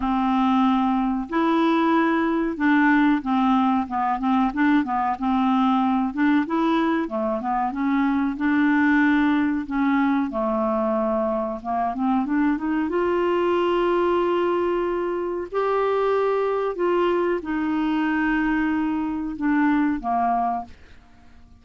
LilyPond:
\new Staff \with { instrumentName = "clarinet" } { \time 4/4 \tempo 4 = 93 c'2 e'2 | d'4 c'4 b8 c'8 d'8 b8 | c'4. d'8 e'4 a8 b8 | cis'4 d'2 cis'4 |
a2 ais8 c'8 d'8 dis'8 | f'1 | g'2 f'4 dis'4~ | dis'2 d'4 ais4 | }